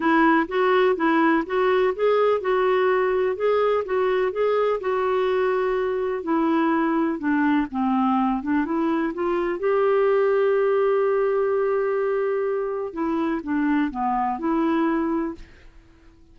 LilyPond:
\new Staff \with { instrumentName = "clarinet" } { \time 4/4 \tempo 4 = 125 e'4 fis'4 e'4 fis'4 | gis'4 fis'2 gis'4 | fis'4 gis'4 fis'2~ | fis'4 e'2 d'4 |
c'4. d'8 e'4 f'4 | g'1~ | g'2. e'4 | d'4 b4 e'2 | }